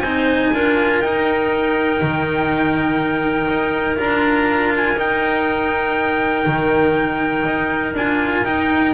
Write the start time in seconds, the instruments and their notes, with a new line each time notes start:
0.00 double bass C4, cello D#4, clarinet C5, trumpet G#5
0.54 double bass D4, cello F4, clarinet A#4
1.01 double bass D#4, cello D#4, trumpet G5
2.02 double bass D#3
3.49 double bass D#4
3.96 double bass D4, cello F4, trumpet A#5
4.76 trumpet G#5
4.97 double bass D#4, cello D#4, trumpet G5
6.46 double bass D#3
7.45 double bass D#4
7.94 double bass D4, cello F4, trumpet G#5
8.44 double bass D#4, cello D#4, trumpet G5